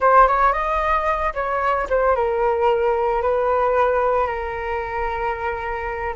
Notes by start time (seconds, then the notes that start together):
0.00 C5
0.27 C#5
0.53 D#5
1.33 C#5
1.89 C5
2.15 A#4
3.21 B4
4.26 A#4